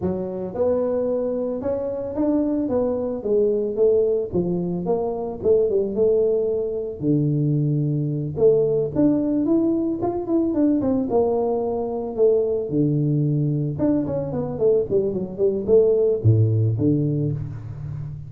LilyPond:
\new Staff \with { instrumentName = "tuba" } { \time 4/4 \tempo 4 = 111 fis4 b2 cis'4 | d'4 b4 gis4 a4 | f4 ais4 a8 g8 a4~ | a4 d2~ d8 a8~ |
a8 d'4 e'4 f'8 e'8 d'8 | c'8 ais2 a4 d8~ | d4. d'8 cis'8 b8 a8 g8 | fis8 g8 a4 a,4 d4 | }